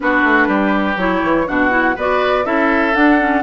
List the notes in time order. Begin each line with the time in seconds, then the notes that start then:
0.00 B3 D4 F#4 B4
0.23 A3
0.47 G3 G4
0.96 F#3 E4 C#5
1.23 E3
1.46 B2 D4 F#4 F#5
1.70 E4
1.95 B3 F#4 B4 D5
2.43 C#4 E4 A4 E5
2.94 D4 F#5
3.19 C#4